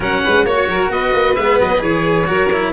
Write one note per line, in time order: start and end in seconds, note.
0.00 0.23 F#3
0.00 0.45 C#4
0.00 0.22 A#4
0.00 0.45 F#5
0.23 0.45 G#3
0.23 0.45 B4
0.45 0.66 A#3
0.45 1.37 F#4
0.45 0.67 C#5
0.45 0.90 C#5
0.66 0.89 F#3
0.66 0.92 A#4
0.89 1.12 B3
0.89 2.27 B4
0.89 1.35 D#5
1.13 1.36 A#3
1.35 1.59 G#3
1.35 1.78 B3
1.35 1.57 E5
1.59 1.81 F#3
1.59 1.82 D#5
1.78 2.27 E3
1.78 2.24 G#4
1.78 2.72 C#5
2.26 2.72 F#3
2.26 2.49 F#4
2.26 2.72 A#4
2.52 2.72 E4